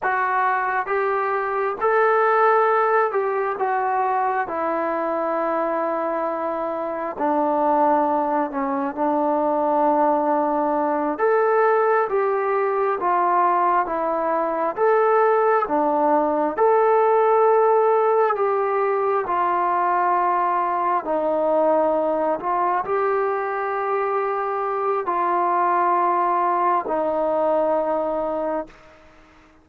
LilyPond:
\new Staff \with { instrumentName = "trombone" } { \time 4/4 \tempo 4 = 67 fis'4 g'4 a'4. g'8 | fis'4 e'2. | d'4. cis'8 d'2~ | d'8 a'4 g'4 f'4 e'8~ |
e'8 a'4 d'4 a'4.~ | a'8 g'4 f'2 dis'8~ | dis'4 f'8 g'2~ g'8 | f'2 dis'2 | }